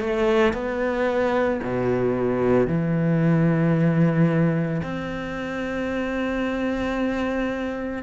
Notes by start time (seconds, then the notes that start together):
0.00 A3
0.54 B3
1.64 B2
2.67 E3
4.83 C4